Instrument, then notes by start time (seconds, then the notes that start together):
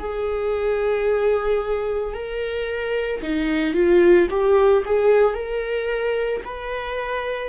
viola
0.00 G#4
2.14 A#4
3.22 D#4
3.75 F4
4.31 G4
4.86 G#4
5.34 A#4
6.45 B4